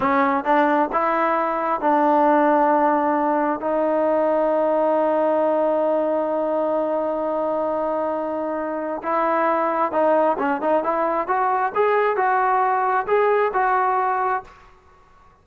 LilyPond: \new Staff \with { instrumentName = "trombone" } { \time 4/4 \tempo 4 = 133 cis'4 d'4 e'2 | d'1 | dis'1~ | dis'1~ |
dis'1 | e'2 dis'4 cis'8 dis'8 | e'4 fis'4 gis'4 fis'4~ | fis'4 gis'4 fis'2 | }